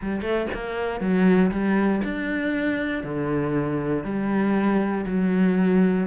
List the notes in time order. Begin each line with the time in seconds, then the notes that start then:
0.01 G3
0.21 A3
0.53 A#3
1.00 F#3
1.51 G3
2.04 D4
3.03 D3
4.04 G3
5.06 F#3